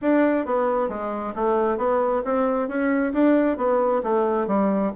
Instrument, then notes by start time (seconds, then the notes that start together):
bassoon
0.01 D4
0.45 B3
0.88 G#3
1.35 A3
1.77 B3
2.24 C4
2.68 C#4
3.13 D4
3.57 B3
4.03 A3
4.47 G3